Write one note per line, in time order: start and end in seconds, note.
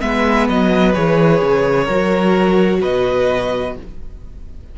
0.00 0.48 G#3
0.00 0.93 B3
0.00 1.84 B4
0.00 0.47 E5
0.48 0.95 F#3
0.48 0.93 D#5
0.93 1.41 E3
0.93 1.87 G#4
0.93 2.81 C#5
1.41 1.88 C#3
1.84 2.81 F#3
1.84 2.78 A#4
1.90 3.78 F#4
2.80 3.76 B2
2.80 3.74 B4
2.80 3.76 D#5